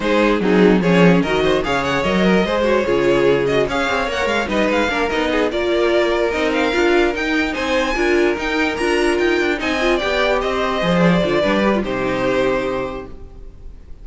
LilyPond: <<
  \new Staff \with { instrumentName = "violin" } { \time 4/4 \tempo 4 = 147 c''4 gis'4 cis''4 dis''4 | f''8 fis''8 dis''4. cis''4.~ | cis''8 dis''8 f''4 fis''8 f''8 dis''8 f''8~ | f''8 dis''4 d''2 dis''8 |
f''4. g''4 gis''4.~ | gis''8 g''4 ais''4 g''4 gis''8~ | gis''8 g''4 dis''4. d''4~ | d''4 c''2. | }
  \new Staff \with { instrumentName = "violin" } { \time 4/4 gis'4 dis'4 gis'4 ais'8 c''8 | cis''4. ais'8 c''4 gis'4~ | gis'4 cis''2 b'4 | ais'4 gis'8 ais'2~ ais'8~ |
ais'2~ ais'8 c''4 ais'8~ | ais'2.~ ais'8 dis''8~ | dis''8 d''4 c''2~ c''8 | b'4 g'2. | }
  \new Staff \with { instrumentName = "viola" } { \time 4/4 dis'4 c'4 cis'4 fis'4 | gis'4 ais'4 gis'8 fis'8 f'4~ | f'8 fis'8 gis'4 ais'4 dis'4 | d'8 dis'4 f'2 dis'8~ |
dis'8 f'4 dis'2 f'8~ | f'8 dis'4 f'2 dis'8 | f'8 g'2 gis'4 f'8 | d'8 g'16 f'16 dis'2. | }
  \new Staff \with { instrumentName = "cello" } { \time 4/4 gis4 fis4 f4 dis4 | cis4 fis4 gis4 cis4~ | cis4 cis'8 c'8 ais8 gis8 g8 gis8 | ais8 b4 ais2 c'8~ |
c'8 d'4 dis'4 c'4 d'8~ | d'8 dis'4 d'4 dis'8 d'8 c'8~ | c'8 b4 c'4 f4 d8 | g4 c2. | }
>>